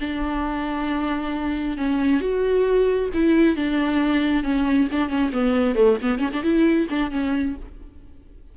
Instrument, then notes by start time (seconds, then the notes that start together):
viola
0.00 D4
1.77 C#4
2.20 F#4
3.14 E4
3.56 D4
4.43 C#4
4.92 D4
5.09 C#4
5.33 B3
5.75 A3
6.02 B3
6.19 C#4
6.33 D4
6.43 E4
6.89 D4
7.11 C#4